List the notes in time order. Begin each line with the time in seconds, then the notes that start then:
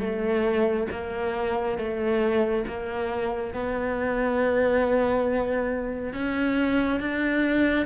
0.00 A3
0.91 A#3
1.78 A3
2.67 A#3
3.54 B3
6.13 C#4
7.00 D4